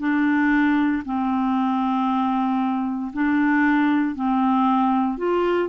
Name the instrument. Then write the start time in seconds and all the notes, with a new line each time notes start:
clarinet
0.00 D4
1.05 C4
3.14 D4
4.16 C4
5.18 F4